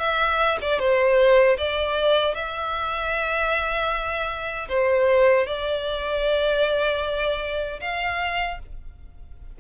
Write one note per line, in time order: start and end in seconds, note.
0.00 0.58 E5
0.62 0.80 D5
0.80 1.58 C5
1.58 2.35 D5
2.35 4.69 E5
4.69 5.47 C5
5.47 7.81 D5
7.81 8.59 F5